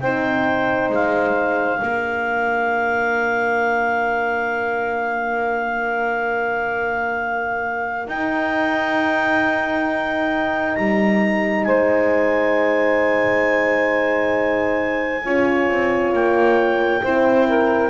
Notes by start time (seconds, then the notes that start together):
0.00 C4 D#4 C5 G5
0.89 G#3 F5
1.79 A#3 D4 A#4
8.07 D#4 G5
10.75 G3 A#5
11.64 G#3 C5 G#5
15.24 C#4 F4 C#5
15.69 C4
16.13 A#3 G5
17.03 C4 E4 C5
17.48 A#4